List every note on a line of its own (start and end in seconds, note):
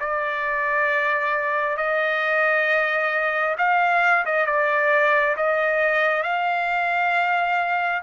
0.00 1.77 D5
1.77 3.57 D#5
3.58 4.25 F5
4.26 4.47 D#5
4.47 5.36 D5
5.37 6.24 D#5
6.24 8.03 F5